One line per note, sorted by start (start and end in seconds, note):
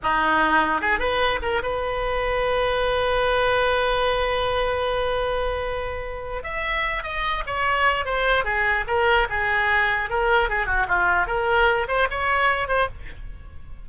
0.02 0.81 D#4
0.81 0.99 G#4
0.99 1.39 B4
1.41 1.62 A#4
1.62 6.43 B4
6.43 7.03 E5
7.03 7.43 D#5
7.46 8.05 C#5
8.05 8.44 C5
8.44 8.84 G#4
8.87 9.27 A#4
9.29 10.09 G#4
10.09 10.49 A#4
10.49 10.66 G#4
10.66 10.86 F#4
10.88 11.26 F4
11.26 11.87 A#4
11.88 12.08 C5
12.10 12.68 C#5
12.68 12.88 C5